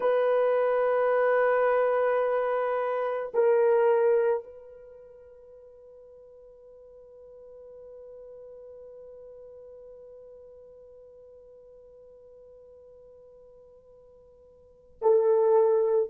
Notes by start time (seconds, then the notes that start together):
0.00 B4
3.34 A#4
4.43 B4
15.02 A4